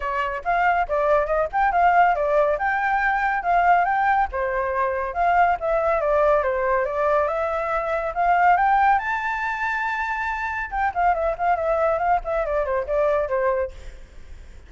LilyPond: \new Staff \with { instrumentName = "flute" } { \time 4/4 \tempo 4 = 140 cis''4 f''4 d''4 dis''8 g''8 | f''4 d''4 g''2 | f''4 g''4 c''2 | f''4 e''4 d''4 c''4 |
d''4 e''2 f''4 | g''4 a''2.~ | a''4 g''8 f''8 e''8 f''8 e''4 | f''8 e''8 d''8 c''8 d''4 c''4 | }